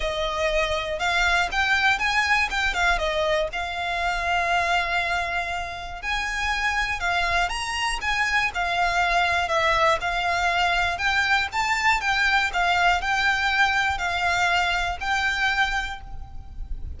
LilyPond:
\new Staff \with { instrumentName = "violin" } { \time 4/4 \tempo 4 = 120 dis''2 f''4 g''4 | gis''4 g''8 f''8 dis''4 f''4~ | f''1 | gis''2 f''4 ais''4 |
gis''4 f''2 e''4 | f''2 g''4 a''4 | g''4 f''4 g''2 | f''2 g''2 | }